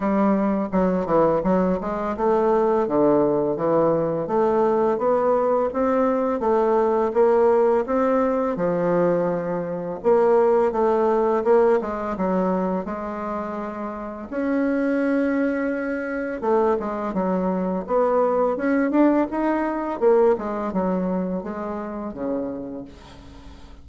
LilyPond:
\new Staff \with { instrumentName = "bassoon" } { \time 4/4 \tempo 4 = 84 g4 fis8 e8 fis8 gis8 a4 | d4 e4 a4 b4 | c'4 a4 ais4 c'4 | f2 ais4 a4 |
ais8 gis8 fis4 gis2 | cis'2. a8 gis8 | fis4 b4 cis'8 d'8 dis'4 | ais8 gis8 fis4 gis4 cis4 | }